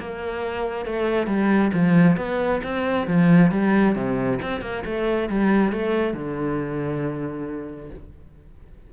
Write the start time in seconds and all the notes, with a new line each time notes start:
0.00 A#3
0.86 A3
1.28 G3
1.74 F3
2.17 B3
2.64 C4
3.08 F3
3.52 G3
3.96 C3
4.43 C4
4.62 A#3
4.86 A3
5.30 G3
5.73 A3
6.14 D3